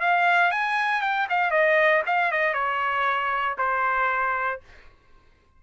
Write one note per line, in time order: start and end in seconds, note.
0.00 0.51 F5
0.51 1.01 G#5
1.01 1.27 G5
1.29 1.51 F5
1.51 2.02 D#5
2.06 2.31 F5
2.31 2.53 D#5
2.53 3.56 C#5
3.58 4.60 C5